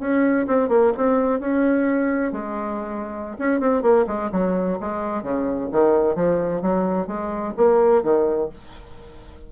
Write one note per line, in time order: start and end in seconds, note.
0.00 0.47 C#4
0.47 0.69 C4
0.69 0.92 A#3
0.97 1.40 C4
1.40 2.33 C#4
2.33 3.37 G#3
3.39 3.60 C#4
3.60 3.83 C4
3.83 4.06 A#3
4.07 4.30 G#3
4.32 4.79 F#3
4.81 5.23 G#3
5.23 5.69 C#3
5.72 6.16 D#3
6.16 6.62 F3
6.62 7.07 F#3
7.07 7.54 G#3
7.57 8.03 A#3
8.03 8.50 D#3